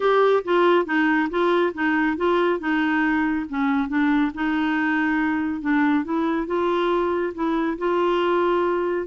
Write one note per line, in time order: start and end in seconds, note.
0.00 0.43 G4
0.44 0.85 F4
0.85 1.28 D#4
1.29 1.73 F4
1.73 2.16 D#4
2.16 2.59 F4
2.59 3.46 D#4
3.49 3.88 C#4
3.88 4.31 D4
4.34 5.61 D#4
5.61 6.04 D4
6.04 6.46 E4
6.46 7.33 F4
7.34 7.77 E4
7.78 9.06 F4